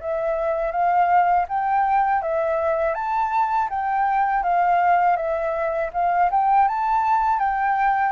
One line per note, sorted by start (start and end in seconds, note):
0.00 0.71 E5
0.71 1.45 F5
1.48 2.22 G5
2.22 2.94 E5
2.94 3.68 A5
3.69 4.43 G5
4.43 5.16 F5
5.16 5.90 E5
5.93 6.30 F5
6.31 6.68 G5
6.68 7.39 A5
7.39 8.12 G5